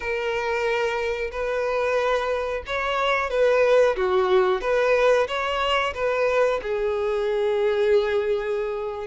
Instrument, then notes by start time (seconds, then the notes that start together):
violin
0.00 A#4
1.31 B4
2.66 C#5
3.30 B4
3.96 F#4
4.61 B4
5.27 C#5
5.94 B4
6.62 G#4